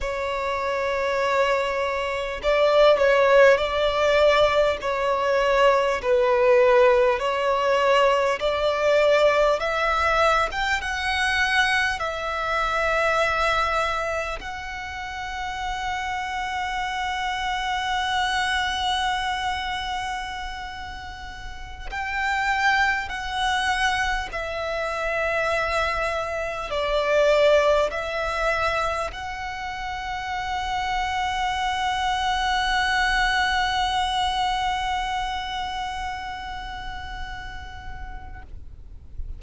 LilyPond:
\new Staff \with { instrumentName = "violin" } { \time 4/4 \tempo 4 = 50 cis''2 d''8 cis''8 d''4 | cis''4 b'4 cis''4 d''4 | e''8. g''16 fis''4 e''2 | fis''1~ |
fis''2~ fis''16 g''4 fis''8.~ | fis''16 e''2 d''4 e''8.~ | e''16 fis''2.~ fis''8.~ | fis''1 | }